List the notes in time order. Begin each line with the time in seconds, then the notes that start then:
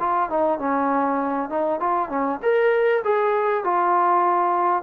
0.00 F4
0.30 D#4
0.59 C#4
1.50 D#4
1.80 F4
2.10 C#4
2.43 A#4
3.04 G#4
3.64 F4